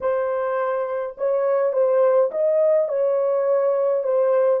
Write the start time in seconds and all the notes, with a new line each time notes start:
0.00 C5
1.17 C#5
1.72 C5
2.31 D#5
2.88 C#5
4.03 C5